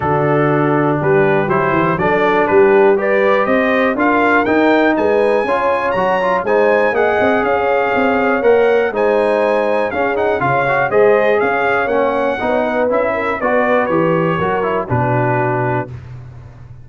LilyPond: <<
  \new Staff \with { instrumentName = "trumpet" } { \time 4/4 \tempo 4 = 121 a'2 b'4 c''4 | d''4 b'4 d''4 dis''4 | f''4 g''4 gis''2 | ais''4 gis''4 fis''4 f''4~ |
f''4 fis''4 gis''2 | f''8 fis''8 f''4 dis''4 f''4 | fis''2 e''4 d''4 | cis''2 b'2 | }
  \new Staff \with { instrumentName = "horn" } { \time 4/4 fis'2 g'2 | a'4 g'4 b'4 c''4 | ais'2 b'4 cis''4~ | cis''4 c''4 dis''4 cis''4~ |
cis''2 c''2 | gis'4 cis''4 c''4 cis''4~ | cis''4 b'16 cis''16 b'4 ais'8 b'4~ | b'4 ais'4 fis'2 | }
  \new Staff \with { instrumentName = "trombone" } { \time 4/4 d'2. e'4 | d'2 g'2 | f'4 dis'2 f'4 | fis'8 f'8 dis'4 gis'2~ |
gis'4 ais'4 dis'2 | cis'8 dis'8 f'8 fis'8 gis'2 | cis'4 dis'4 e'4 fis'4 | g'4 fis'8 e'8 d'2 | }
  \new Staff \with { instrumentName = "tuba" } { \time 4/4 d2 g4 fis8 e8 | fis4 g2 c'4 | d'4 dis'4 gis4 cis'4 | fis4 gis4 ais8 c'8 cis'4 |
c'4 ais4 gis2 | cis'4 cis4 gis4 cis'4 | ais4 b4 cis'4 b4 | e4 fis4 b,2 | }
>>